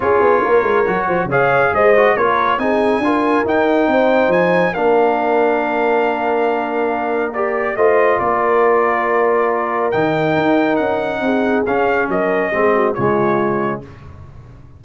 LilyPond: <<
  \new Staff \with { instrumentName = "trumpet" } { \time 4/4 \tempo 4 = 139 cis''2. f''4 | dis''4 cis''4 gis''2 | g''2 gis''4 f''4~ | f''1~ |
f''4 d''4 dis''4 d''4~ | d''2. g''4~ | g''4 fis''2 f''4 | dis''2 cis''2 | }
  \new Staff \with { instrumentName = "horn" } { \time 4/4 gis'4 ais'4. c''8 cis''4 | c''4 ais'4 gis'4 ais'4~ | ais'4 c''2 ais'4~ | ais'1~ |
ais'2 c''4 ais'4~ | ais'1~ | ais'2 gis'2 | ais'4 gis'8 fis'8 f'2 | }
  \new Staff \with { instrumentName = "trombone" } { \time 4/4 f'2 fis'4 gis'4~ | gis'8 fis'8 f'4 dis'4 f'4 | dis'2. d'4~ | d'1~ |
d'4 g'4 f'2~ | f'2. dis'4~ | dis'2. cis'4~ | cis'4 c'4 gis2 | }
  \new Staff \with { instrumentName = "tuba" } { \time 4/4 cis'8 b8 ais8 gis8 fis8 f8 cis4 | gis4 ais4 c'4 d'4 | dis'4 c'4 f4 ais4~ | ais1~ |
ais2 a4 ais4~ | ais2. dis4 | dis'4 cis'4 c'4 cis'4 | fis4 gis4 cis2 | }
>>